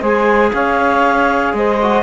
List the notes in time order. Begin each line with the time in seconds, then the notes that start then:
0.00 G#3 G#4 C5 G#5
0.53 C#4 C#5 F5
1.53 G#3 C5 D#5
1.81 F#4